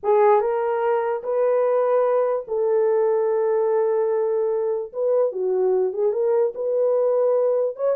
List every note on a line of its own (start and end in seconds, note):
0.03 0.40 G#4
0.40 1.22 A#4
1.23 2.45 B4
2.47 4.92 A4
4.92 5.32 B4
5.32 5.93 F#4
5.93 6.12 G#4
6.12 6.53 A#4
6.55 7.76 B4
7.76 7.96 C#5